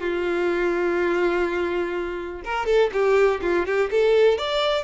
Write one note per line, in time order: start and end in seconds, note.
0.00 2.42 F4
2.44 2.66 A#4
2.66 2.90 A4
2.93 3.41 G4
3.42 3.66 F4
3.66 3.90 G4
3.91 4.38 A4
4.38 4.83 D5